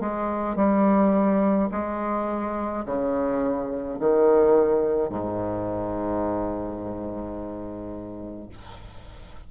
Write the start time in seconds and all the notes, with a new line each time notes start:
0.00 G#3
0.56 G3
1.71 G#3
2.86 C#3
4.00 D#3
5.09 G#2